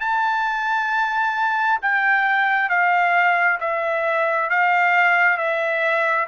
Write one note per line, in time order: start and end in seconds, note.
0.00 1.79 A5
1.82 2.69 G5
2.69 3.59 F5
3.60 4.49 E5
4.50 5.37 F5
5.37 6.27 E5